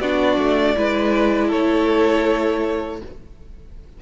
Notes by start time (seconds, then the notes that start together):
0.00 B3 D4 F#4 D5
0.38 A3
0.76 G#3 E4 B4
1.48 A3 A4 C#5